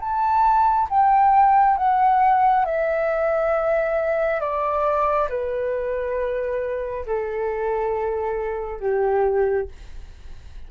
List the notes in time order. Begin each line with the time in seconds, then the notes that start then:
0.00 A5
0.90 G5
1.77 F#5
2.66 E5
4.41 D5
5.29 B4
7.06 A4
8.80 G4